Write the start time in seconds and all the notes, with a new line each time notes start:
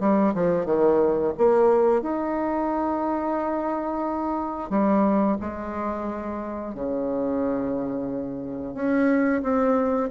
0.00 G3
0.35 F3
0.66 D#3
1.38 A#3
2.02 D#4
4.70 G3
5.41 G#3
6.74 C#3
8.75 C#4
9.43 C4